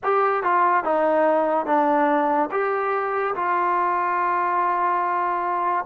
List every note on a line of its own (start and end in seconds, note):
0.03 0.43 G4
0.43 0.83 F4
0.83 1.66 D#4
1.66 2.49 D4
2.51 3.34 G4
3.35 5.85 F4